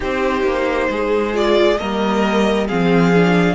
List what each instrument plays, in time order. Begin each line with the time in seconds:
0.00 cello C4, viola D#4, violin G4 C5
0.43 cello A#3
0.89 cello G#3, violin G#4
1.33 viola F4, violin D5
1.77 cello G3, viola A#3, violin A#4 D#5
2.67 cello F3, viola C4, violin G#4 F5
3.15 viola D4